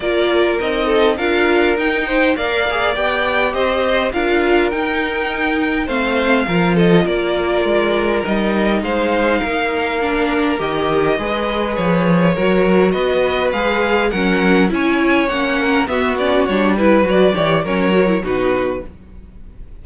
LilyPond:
<<
  \new Staff \with { instrumentName = "violin" } { \time 4/4 \tempo 4 = 102 d''4 dis''4 f''4 g''4 | f''4 g''4 dis''4 f''4 | g''2 f''4. dis''8 | d''2 dis''4 f''4~ |
f''2 dis''2 | cis''2 dis''4 f''4 | fis''4 gis''4 fis''4 e''8 d''8 | cis''8 b'8 d''4 cis''4 b'4 | }
  \new Staff \with { instrumentName = "violin" } { \time 4/4 ais'4. a'8 ais'4. c''8 | d''2 c''4 ais'4~ | ais'2 c''4 ais'8 a'8 | ais'2. c''4 |
ais'2. b'4~ | b'4 ais'4 b'2 | ais'4 cis''4. ais'8 fis'4~ | fis'8 b'4 cis''8 ais'4 fis'4 | }
  \new Staff \with { instrumentName = "viola" } { \time 4/4 f'4 dis'4 f'4 dis'4 | ais'8 gis'8 g'2 f'4 | dis'2 c'4 f'4~ | f'2 dis'2~ |
dis'4 d'4 g'4 gis'4~ | gis'4 fis'2 gis'4 | cis'4 e'4 cis'4 b8 cis'8 | d'8 e'8 fis'8 g'8 cis'8 fis'16 e'16 dis'4 | }
  \new Staff \with { instrumentName = "cello" } { \time 4/4 ais4 c'4 d'4 dis'4 | ais4 b4 c'4 d'4 | dis'2 a4 f4 | ais4 gis4 g4 gis4 |
ais2 dis4 gis4 | f4 fis4 b4 gis4 | fis4 cis'4 ais4 b4 | g4 fis8 e8 fis4 b,4 | }
>>